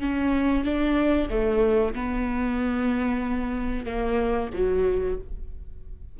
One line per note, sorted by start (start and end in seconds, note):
0.00 0.65 C#4
0.65 1.29 D4
1.30 1.94 A3
1.94 3.86 B3
3.86 4.50 A#3
4.54 5.18 F#3